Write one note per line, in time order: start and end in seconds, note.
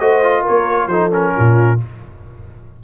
0.00 0.45 A3
0.00 0.23 F#4
0.00 0.42 C5
0.00 0.45 D#5
0.23 0.90 F4
0.42 0.87 A#4
0.42 0.88 C#5
0.49 0.88 A#3
0.88 1.32 F3
0.88 1.11 D#4
0.88 1.35 A4
0.88 1.11 C5
1.11 1.78 C#4
1.11 1.81 A#4
1.37 1.84 A#2
1.37 1.82 F4